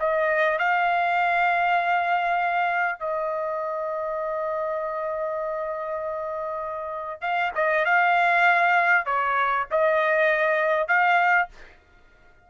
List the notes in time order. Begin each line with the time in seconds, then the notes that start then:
0.00 D#5
0.59 F5
2.99 D#5
7.21 F5
7.55 D#5
7.85 F5
9.06 C#5
9.71 D#5
10.88 F5